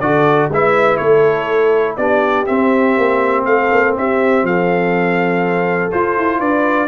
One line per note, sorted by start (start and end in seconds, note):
0.00 0.49 D3
0.00 0.51 F#4
0.00 0.51 A4
0.00 0.49 D5
0.49 0.98 G#3
0.49 1.99 E4
0.49 1.01 B4
0.49 0.97 E5
0.97 1.97 A3
0.97 1.98 A4
0.97 1.96 C#5
1.97 2.47 B3
1.97 2.47 D4
1.97 3.46 G4
1.97 2.46 D5
2.46 5.91 C4
2.46 2.98 C4
2.46 3.45 E5
2.98 3.46 A#3
3.45 3.71 A3
3.45 3.98 A4
3.45 3.94 F5
3.72 3.96 A#3
3.97 4.43 C4
3.97 4.47 G4
3.97 4.46 E5
4.43 5.90 F3
4.43 6.39 A4
4.43 5.92 F5
5.91 6.88 F4
5.91 6.18 F4
5.91 6.40 C5
6.18 6.40 E4
6.39 6.88 D4
6.39 6.88 B4
6.39 6.88 D5